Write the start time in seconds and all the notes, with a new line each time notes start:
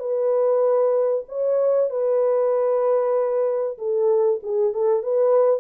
0.00 B4
1.29 C#5
1.90 B4
3.78 A4
4.43 G#4
4.74 A4
5.03 B4